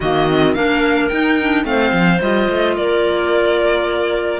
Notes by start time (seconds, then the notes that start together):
0.00 D#3 A#3 F#4 D#5
0.28 C4
0.53 A#3 D4 A#4 F5
1.08 D#4 G5
1.41 D4
1.64 A3 C4 C5 F5
1.92 F3
2.21 G3 F4 D#5
2.49 A3
2.76 A#3 A#4 D5